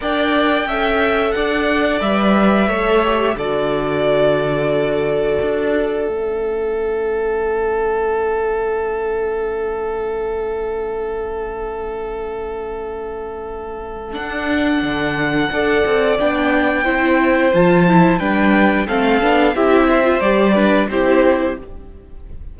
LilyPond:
<<
  \new Staff \with { instrumentName = "violin" } { \time 4/4 \tempo 4 = 89 g''2 fis''4 e''4~ | e''4 d''2.~ | d''4 e''2.~ | e''1~ |
e''1~ | e''4 fis''2. | g''2 a''4 g''4 | f''4 e''4 d''4 c''4 | }
  \new Staff \with { instrumentName = "violin" } { \time 4/4 d''4 e''4 d''2 | cis''4 a'2.~ | a'1~ | a'1~ |
a'1~ | a'2. d''4~ | d''4 c''2 b'4 | a'4 g'8 c''4 b'8 g'4 | }
  \new Staff \with { instrumentName = "viola" } { \time 4/4 ais'4 a'2 b'4 | a'8 g'8 fis'2.~ | fis'4 cis'2.~ | cis'1~ |
cis'1~ | cis'4 d'2 a'4 | d'4 e'4 f'8 e'8 d'4 | c'8 d'8 e'8. f'16 g'8 d'8 e'4 | }
  \new Staff \with { instrumentName = "cello" } { \time 4/4 d'4 cis'4 d'4 g4 | a4 d2. | d'4 a2.~ | a1~ |
a1~ | a4 d'4 d4 d'8 c'8 | b4 c'4 f4 g4 | a8 b8 c'4 g4 c'4 | }
>>